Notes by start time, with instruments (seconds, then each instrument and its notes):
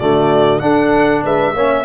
0.00 tuba D3, trombone A3, horn F#4, violin D5
0.60 tuba D4, trombone D4, horn A4, violin F#5
1.24 tuba G#3, horn B4, violin E5
1.55 tuba A#3, trombone C#4, horn C#5